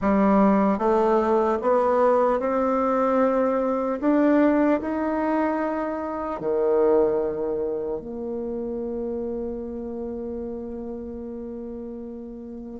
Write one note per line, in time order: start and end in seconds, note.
0.01 0.78 G3
0.78 1.58 A3
1.61 2.39 B3
2.39 3.99 C4
4.00 4.80 D4
4.80 6.40 D#4
6.40 8.00 D#3
8.00 12.80 A#3